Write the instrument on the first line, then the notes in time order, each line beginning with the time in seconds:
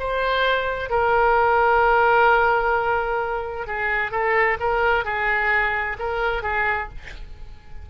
oboe
0.00 C5
0.90 A#4
3.68 G#4
4.12 A4
4.60 A#4
5.05 G#4
6.00 A#4
6.43 G#4